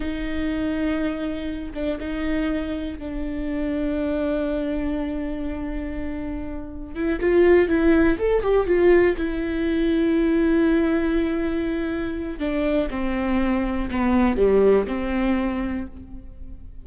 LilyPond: \new Staff \with { instrumentName = "viola" } { \time 4/4 \tempo 4 = 121 dis'2.~ dis'8 d'8 | dis'2 d'2~ | d'1~ | d'2 e'8 f'4 e'8~ |
e'8 a'8 g'8 f'4 e'4.~ | e'1~ | e'4 d'4 c'2 | b4 g4 c'2 | }